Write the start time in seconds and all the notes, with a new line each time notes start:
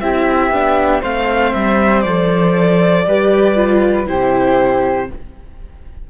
0.00 C4 E4 G4 E5
0.51 B3 D4
1.01 A3 C4 C5 F5
1.53 G3 E5
2.01 F3 A4 D5
3.06 G3 G4 B4
3.55 F4
4.06 C3 E4 G4 C5